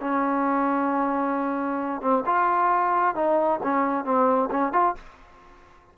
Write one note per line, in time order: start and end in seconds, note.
0.00 2.01 C#4
2.01 2.24 C4
2.26 3.15 F4
3.15 3.60 D#4
3.63 4.05 C#4
4.05 4.49 C4
4.51 4.73 C#4
4.73 4.95 F4